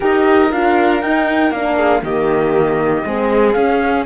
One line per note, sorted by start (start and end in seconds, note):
0.00 0.52 D#4
0.00 0.51 G4
0.00 1.75 A#4
0.00 0.51 D#5
0.51 1.02 D4
0.51 1.01 F4
0.51 1.01 F5
1.01 1.52 D#4
1.01 1.51 D#4
1.01 1.51 G5
1.51 2.02 A#3
1.51 2.03 D4
1.51 2.02 F5
1.75 2.01 G#4
2.02 3.03 D#3
2.02 3.04 A#3
2.02 3.06 G4
2.02 3.52 D#5
3.04 3.55 G#3
3.04 3.55 C4
3.04 4.05 G#4
3.52 4.05 C#4
3.52 4.03 F5